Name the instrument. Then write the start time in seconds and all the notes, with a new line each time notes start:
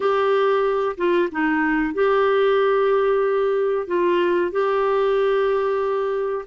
clarinet
0.00 G4
0.97 F4
1.31 D#4
1.94 G4
3.87 F4
4.51 G4